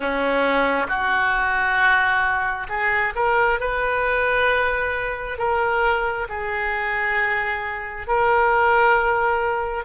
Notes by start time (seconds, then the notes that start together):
0.00 C#4
0.88 F#4
2.68 G#4
3.15 A#4
3.59 B4
5.37 A#4
6.28 G#4
8.07 A#4